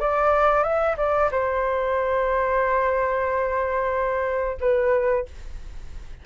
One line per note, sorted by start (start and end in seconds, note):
0.00 0.63 D5
0.63 0.95 E5
0.97 1.30 D5
1.31 4.57 C5
4.60 5.25 B4